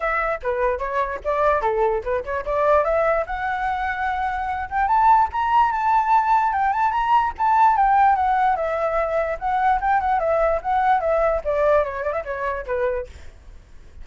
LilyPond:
\new Staff \with { instrumentName = "flute" } { \time 4/4 \tempo 4 = 147 e''4 b'4 cis''4 d''4 | a'4 b'8 cis''8 d''4 e''4 | fis''2.~ fis''8 g''8 | a''4 ais''4 a''2 |
g''8 a''8 ais''4 a''4 g''4 | fis''4 e''2 fis''4 | g''8 fis''8 e''4 fis''4 e''4 | d''4 cis''8 d''16 e''16 cis''4 b'4 | }